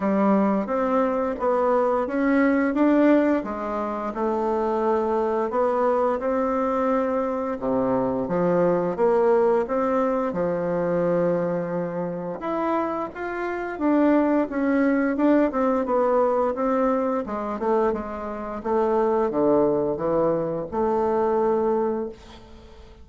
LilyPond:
\new Staff \with { instrumentName = "bassoon" } { \time 4/4 \tempo 4 = 87 g4 c'4 b4 cis'4 | d'4 gis4 a2 | b4 c'2 c4 | f4 ais4 c'4 f4~ |
f2 e'4 f'4 | d'4 cis'4 d'8 c'8 b4 | c'4 gis8 a8 gis4 a4 | d4 e4 a2 | }